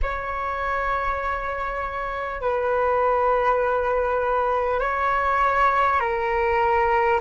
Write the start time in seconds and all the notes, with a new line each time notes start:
0.02 C#5
2.41 B4
4.79 C#5
6.00 A#4